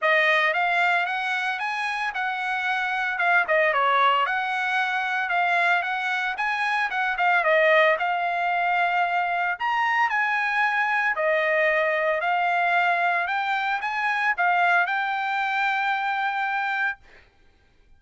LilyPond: \new Staff \with { instrumentName = "trumpet" } { \time 4/4 \tempo 4 = 113 dis''4 f''4 fis''4 gis''4 | fis''2 f''8 dis''8 cis''4 | fis''2 f''4 fis''4 | gis''4 fis''8 f''8 dis''4 f''4~ |
f''2 ais''4 gis''4~ | gis''4 dis''2 f''4~ | f''4 g''4 gis''4 f''4 | g''1 | }